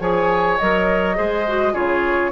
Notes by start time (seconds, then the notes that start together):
0.00 F3 G#4 C#5 G#5
0.58 F#3 A#4 D#5
1.16 G#3 G#4 C5
1.48 F#4
1.73 C#3 F4 G#4 C#5